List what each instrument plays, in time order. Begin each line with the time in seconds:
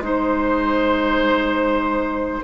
0.00 bassoon G#3, clarinet D#4, flute C5, oboe C5